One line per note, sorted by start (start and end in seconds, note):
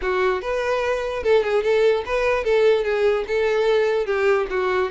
0.01 0.41 F#4
0.41 1.23 B4
1.23 1.43 A4
1.43 1.63 G#4
1.63 2.04 A4
2.05 2.43 B4
2.43 2.84 A4
2.84 3.24 G#4
3.27 4.06 A4
4.06 4.47 G4
4.50 4.90 F#4